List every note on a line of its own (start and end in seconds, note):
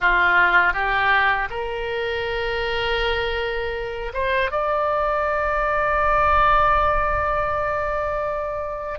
0.00 0.73 F4
0.73 1.48 G4
1.50 4.12 A#4
4.13 4.51 C5
4.51 8.99 D5